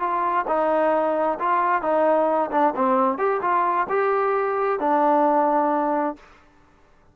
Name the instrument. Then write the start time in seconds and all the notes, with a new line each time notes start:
trombone
0.00 F4
0.48 D#4
1.40 F4
1.82 D#4
2.52 D4
2.76 C4
3.18 G4
3.42 F4
3.89 G4
4.80 D4